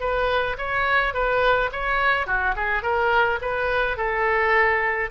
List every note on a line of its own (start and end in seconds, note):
0.00 0.57 B4
0.58 1.14 C#5
1.14 1.70 B4
1.72 2.27 C#5
2.27 2.55 F#4
2.55 2.83 G#4
2.83 3.39 A#4
3.41 3.97 B4
3.97 5.10 A4